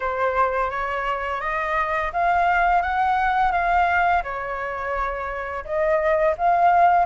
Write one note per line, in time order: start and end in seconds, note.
0.00 0.70 C5
0.70 1.41 C#5
1.41 2.11 D#5
2.12 2.82 F5
2.82 3.52 F#5
3.52 4.22 F5
4.23 5.64 C#5
5.64 6.35 D#5
6.37 7.05 F5